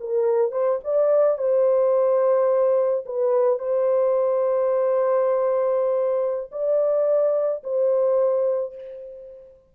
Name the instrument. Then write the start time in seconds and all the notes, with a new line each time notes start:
horn
0.00 A#4
0.52 C5
0.84 D5
1.38 C5
3.06 B4
3.59 C5
6.52 D5
7.64 C5